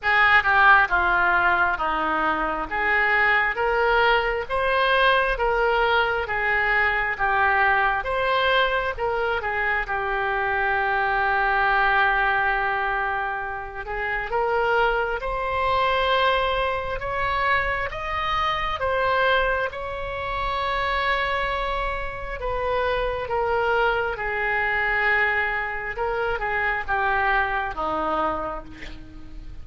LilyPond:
\new Staff \with { instrumentName = "oboe" } { \time 4/4 \tempo 4 = 67 gis'8 g'8 f'4 dis'4 gis'4 | ais'4 c''4 ais'4 gis'4 | g'4 c''4 ais'8 gis'8 g'4~ | g'2.~ g'8 gis'8 |
ais'4 c''2 cis''4 | dis''4 c''4 cis''2~ | cis''4 b'4 ais'4 gis'4~ | gis'4 ais'8 gis'8 g'4 dis'4 | }